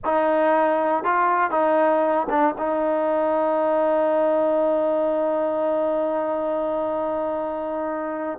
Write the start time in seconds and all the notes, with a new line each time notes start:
0.05 D#4
1.04 F4
1.50 D#4
2.29 D4
2.58 D#4